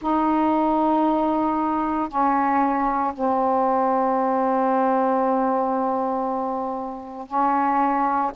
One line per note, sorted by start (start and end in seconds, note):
0.01 2.08 D#4
2.08 3.13 C#4
3.14 7.27 C4
7.27 8.31 C#4